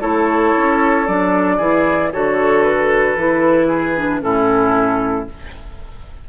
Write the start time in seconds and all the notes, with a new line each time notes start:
0.00 A3 E4 A4 C#5
0.57 C#4
1.06 F#3 D4 D5
1.57 E3 E4 G#4
2.12 D3 F#4 A4 C#5
2.62 B4
3.16 E3 E4
3.67 G#4
3.97 D4
4.20 A2 C#4 E4 A4